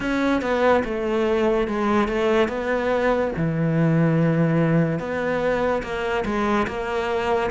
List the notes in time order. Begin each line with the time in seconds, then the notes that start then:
0.00 C#4
0.41 B3
0.84 A3
1.67 G#3
2.08 A3
2.48 B3
3.36 E3
4.98 B3
5.83 A#3
6.25 G#3
6.67 A#3